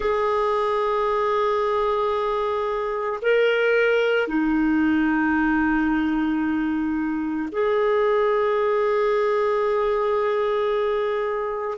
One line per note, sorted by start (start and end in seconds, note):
0.00 3.19 G#4
3.21 4.27 A#4
4.27 7.49 D#4
7.51 11.77 G#4